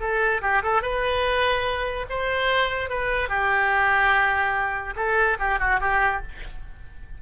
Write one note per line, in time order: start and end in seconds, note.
0.00 0.41 A4
0.42 0.63 G4
0.63 0.82 A4
0.82 2.06 B4
2.10 2.90 C5
2.90 3.29 B4
3.29 4.94 G4
4.96 5.38 A4
5.39 5.60 G4
5.60 5.80 F#4
5.81 6.22 G4